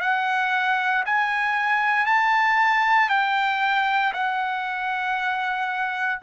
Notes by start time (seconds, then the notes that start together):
0.00 F#5
1.05 G#5
2.06 A5
3.09 G5
4.13 F#5